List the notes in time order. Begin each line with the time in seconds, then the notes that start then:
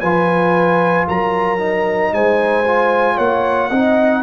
0.00 F3 F4 B4 G#5
1.07 F#3 A#4 A#5
1.59 D#4
2.12 G#3 C5 G#5
2.65 F4
3.15 A#3 C#5 F#5
3.70 C4 D#4 D#5